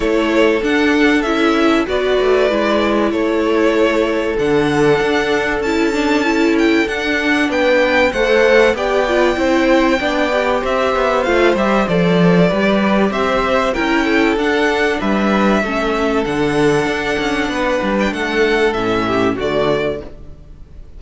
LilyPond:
<<
  \new Staff \with { instrumentName = "violin" } { \time 4/4 \tempo 4 = 96 cis''4 fis''4 e''4 d''4~ | d''4 cis''2 fis''4~ | fis''4 a''4. g''8 fis''4 | g''4 fis''4 g''2~ |
g''4 e''4 f''8 e''8 d''4~ | d''4 e''4 g''4 fis''4 | e''2 fis''2~ | fis''8. g''16 fis''4 e''4 d''4 | }
  \new Staff \with { instrumentName = "violin" } { \time 4/4 a'2. b'4~ | b'4 a'2.~ | a'1 | b'4 c''4 d''4 c''4 |
d''4 c''2. | b'4 c''4 ais'8 a'4. | b'4 a'2. | b'4 a'4. g'8 fis'4 | }
  \new Staff \with { instrumentName = "viola" } { \time 4/4 e'4 d'4 e'4 fis'4 | e'2. d'4~ | d'4 e'8 d'8 e'4 d'4~ | d'4 a'4 g'8 f'8 e'4 |
d'8 g'4. f'8 g'8 a'4 | g'2 e'4 d'4~ | d'4 cis'4 d'2~ | d'2 cis'4 a4 | }
  \new Staff \with { instrumentName = "cello" } { \time 4/4 a4 d'4 cis'4 b8 a8 | gis4 a2 d4 | d'4 cis'2 d'4 | b4 a4 b4 c'4 |
b4 c'8 b8 a8 g8 f4 | g4 c'4 cis'4 d'4 | g4 a4 d4 d'8 cis'8 | b8 g8 a4 a,4 d4 | }
>>